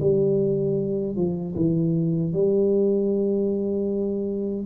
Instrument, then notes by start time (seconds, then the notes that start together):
tuba
0.00 G3
1.16 F3
1.55 E3
2.33 G3